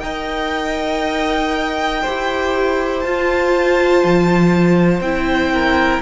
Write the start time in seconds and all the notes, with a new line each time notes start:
0.00 D#4 A#4 D#5 G5
2.03 E4 G4 C5
3.00 F4 A5
4.04 F3
5.01 C4 E4 G5
5.53 A#4